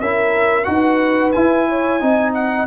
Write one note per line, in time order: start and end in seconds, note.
0.00 0.67 C#4
0.00 0.65 E4
0.00 0.68 A#4
0.00 0.64 E5
0.64 1.34 D#4
0.64 1.31 F#4
0.64 1.31 F#5
0.72 1.69 B4
1.32 2.00 E4
1.32 2.01 E4
1.32 2.32 G#5
1.69 2.02 C#5
2.00 2.67 C4
2.00 2.67 D#4
2.00 2.67 D#5
2.34 2.67 F#5